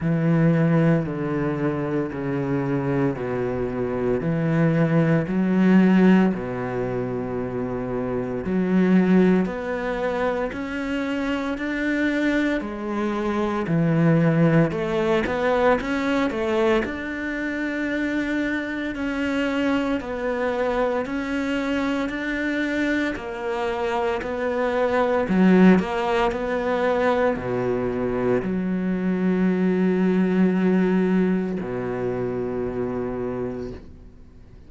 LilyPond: \new Staff \with { instrumentName = "cello" } { \time 4/4 \tempo 4 = 57 e4 d4 cis4 b,4 | e4 fis4 b,2 | fis4 b4 cis'4 d'4 | gis4 e4 a8 b8 cis'8 a8 |
d'2 cis'4 b4 | cis'4 d'4 ais4 b4 | fis8 ais8 b4 b,4 fis4~ | fis2 b,2 | }